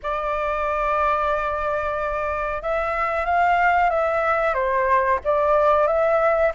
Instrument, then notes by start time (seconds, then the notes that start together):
flute
0.02 D5
2.62 E5
3.25 F5
3.90 E5
4.54 C5
5.24 D5
5.87 E5